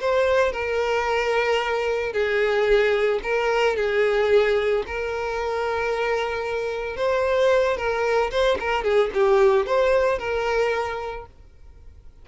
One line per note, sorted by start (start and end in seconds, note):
0.00 0.52 C5
0.52 2.13 A#4
2.13 3.20 G#4
3.23 3.76 A#4
3.76 4.84 G#4
4.87 6.97 A#4
6.97 7.77 C5
7.77 8.31 A#4
8.31 8.58 C5
8.60 8.84 A#4
8.84 9.10 G#4
9.14 9.66 G4
9.66 10.19 C5
10.19 11.26 A#4